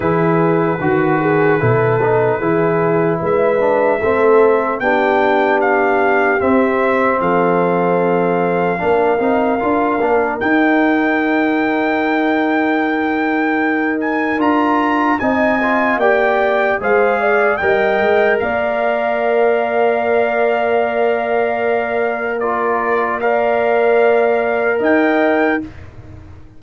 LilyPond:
<<
  \new Staff \with { instrumentName = "trumpet" } { \time 4/4 \tempo 4 = 75 b'1 | e''2 g''4 f''4 | e''4 f''2.~ | f''4 g''2.~ |
g''4. gis''8 ais''4 gis''4 | g''4 f''4 g''4 f''4~ | f''1 | d''4 f''2 g''4 | }
  \new Staff \with { instrumentName = "horn" } { \time 4/4 gis'4 fis'8 gis'8 a'4 gis'4 | b'4 a'4 g'2~ | g'4 a'2 ais'4~ | ais'1~ |
ais'2. dis''4 | d''4 c''8 d''8 dis''4 d''4~ | d''1 | ais'4 d''2 dis''4 | }
  \new Staff \with { instrumentName = "trombone" } { \time 4/4 e'4 fis'4 e'8 dis'8 e'4~ | e'8 d'8 c'4 d'2 | c'2. d'8 dis'8 | f'8 d'8 dis'2.~ |
dis'2 f'4 dis'8 f'8 | g'4 gis'4 ais'2~ | ais'1 | f'4 ais'2. | }
  \new Staff \with { instrumentName = "tuba" } { \time 4/4 e4 dis4 b,4 e4 | gis4 a4 b2 | c'4 f2 ais8 c'8 | d'8 ais8 dis'2.~ |
dis'2 d'4 c'4 | ais4 gis4 g8 gis8 ais4~ | ais1~ | ais2. dis'4 | }
>>